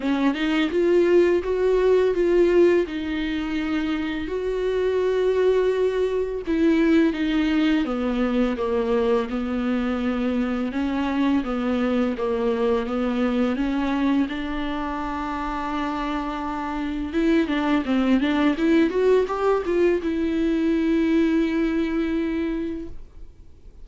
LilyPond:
\new Staff \with { instrumentName = "viola" } { \time 4/4 \tempo 4 = 84 cis'8 dis'8 f'4 fis'4 f'4 | dis'2 fis'2~ | fis'4 e'4 dis'4 b4 | ais4 b2 cis'4 |
b4 ais4 b4 cis'4 | d'1 | e'8 d'8 c'8 d'8 e'8 fis'8 g'8 f'8 | e'1 | }